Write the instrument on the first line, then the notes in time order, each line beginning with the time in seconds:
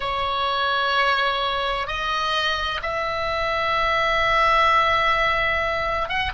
oboe
0.00 C#5
1.87 D#5
2.82 E5
6.08 F#5